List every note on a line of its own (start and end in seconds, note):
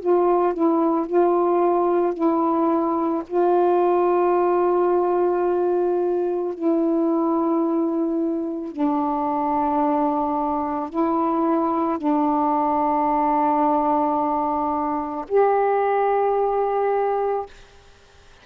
0.00 0.54 F4
0.54 1.07 E4
1.07 2.14 F4
2.14 3.23 E4
3.28 6.54 F4
6.54 8.72 E4
8.72 10.90 D4
10.90 11.98 E4
11.98 15.25 D4
15.28 17.46 G4